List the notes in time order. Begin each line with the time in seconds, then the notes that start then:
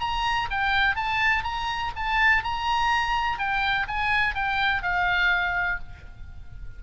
0.00 A#5
0.51 G5
0.96 A5
1.44 A#5
1.96 A5
2.44 A#5
3.38 G5
3.88 G#5
4.35 G5
4.83 F5